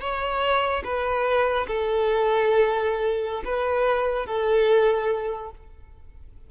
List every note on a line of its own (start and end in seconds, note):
0.00 0.83 C#5
0.84 1.67 B4
1.67 3.43 A4
3.45 4.26 B4
4.26 5.50 A4